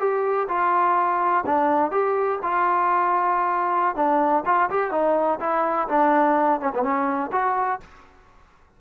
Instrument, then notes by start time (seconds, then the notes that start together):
trombone
0.00 G4
0.49 F4
1.46 D4
1.92 G4
2.43 F4
3.96 D4
4.46 F4
4.71 G4
4.92 D#4
5.40 E4
5.89 D4
6.61 C#4
6.75 B3
6.83 C#4
7.32 F#4